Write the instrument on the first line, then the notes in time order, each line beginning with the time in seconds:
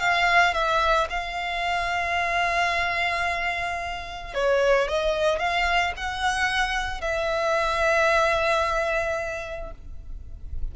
violin
0.00 F5
0.54 E5
1.10 F5
4.35 C#5
4.88 D#5
5.39 F5
5.97 F#5
7.01 E5